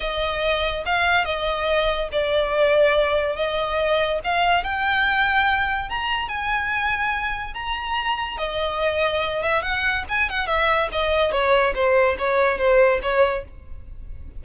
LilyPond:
\new Staff \with { instrumentName = "violin" } { \time 4/4 \tempo 4 = 143 dis''2 f''4 dis''4~ | dis''4 d''2. | dis''2 f''4 g''4~ | g''2 ais''4 gis''4~ |
gis''2 ais''2 | dis''2~ dis''8 e''8 fis''4 | gis''8 fis''8 e''4 dis''4 cis''4 | c''4 cis''4 c''4 cis''4 | }